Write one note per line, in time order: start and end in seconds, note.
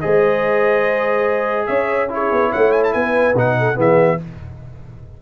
0.00 1.69 G#3
0.00 2.09 G#4
0.00 1.67 C5
0.00 1.66 D#5
1.66 2.32 C#4
1.66 2.09 C#5
1.66 2.08 E5
2.09 3.35 E4
2.09 2.50 G#4
2.09 2.52 C#5
2.32 2.53 B3
2.50 2.95 A3
2.50 2.92 C#5
2.50 2.72 F#5
2.72 2.82 G#5
2.83 2.93 A5
2.93 3.34 B3
2.93 3.57 B4
2.93 3.35 G#5
3.34 3.76 B2
3.34 3.75 D#4
3.34 3.80 F#5
3.58 3.77 A4
3.75 4.18 E3
3.75 4.17 B3
3.75 4.19 G#4
3.75 4.22 E5